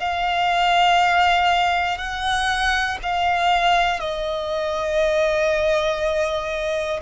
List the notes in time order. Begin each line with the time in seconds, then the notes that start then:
0.00 F5
1.98 F#5
3.03 F5
4.00 D#5